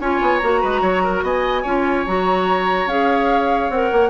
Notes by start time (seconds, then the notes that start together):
0.00 C#4 F4 C#5 G#5
0.21 B3
0.38 A#3 F#4 A#5
0.61 G#3 B4
0.82 F#3 C#5
1.04 A#4
1.23 B3 D#5 G#5
1.62 C#4 F4 C#5
2.06 F#3 F#4 A#5
2.86 C#4 G#4 F5
3.70 C4 A#4 F#5
3.92 A#3